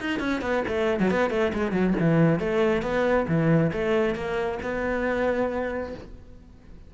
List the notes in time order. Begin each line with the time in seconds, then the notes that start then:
0.00 D#4
0.20 C#4
0.42 B3
0.68 A3
1.00 F#3
1.10 B3
1.30 A3
1.53 G#3
1.72 F#3
2.00 E3
2.39 A3
2.82 B3
3.28 E3
3.72 A3
4.15 A#3
4.63 B3